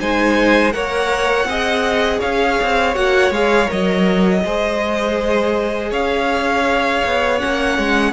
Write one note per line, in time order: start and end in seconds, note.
0.00 0.74 G#3
0.00 0.72 D#4
0.00 0.74 C5
0.00 0.72 G#5
0.72 1.45 A#3
0.72 1.46 A#4
0.72 1.48 C#5
0.72 2.20 F#5
1.45 2.19 C4
1.45 2.94 G#4
1.45 2.19 D#5
2.19 2.60 C#4
2.19 4.41 C#5
2.19 2.95 F5
2.62 2.96 C4
2.94 3.31 A#3
2.94 3.31 F#4
2.94 3.32 F#5
3.31 3.68 G#3
3.31 3.66 G#4
3.31 3.70 F5
3.66 4.44 F#3
3.66 4.40 A#4
3.66 5.92 D#5
4.44 5.92 G#3
4.44 7.39 G#4
4.44 5.90 C5
5.90 7.03 C#4
5.90 8.12 C#5
5.90 7.39 F5
7.05 7.42 B3
7.39 7.78 A#3
7.39 8.12 C#4
7.39 8.12 F#5
7.78 8.12 G#3